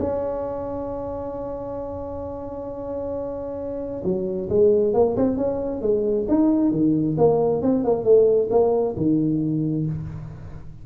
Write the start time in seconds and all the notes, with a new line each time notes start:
0.00 C#4
4.04 F#3
4.50 G#3
4.94 A#3
5.17 C4
5.37 C#4
5.82 G#3
6.29 D#4
6.72 D#3
7.18 A#3
7.63 C4
7.85 A#3
8.04 A3
8.51 A#3
8.97 D#3